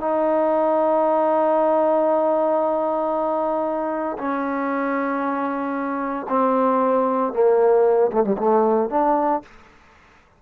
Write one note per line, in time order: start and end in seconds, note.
0.00 4.17 D#4
4.18 6.27 C#4
6.29 7.33 C4
7.33 8.11 A#3
8.12 8.23 A3
8.23 8.36 G3
8.38 8.90 A3
8.90 9.42 D4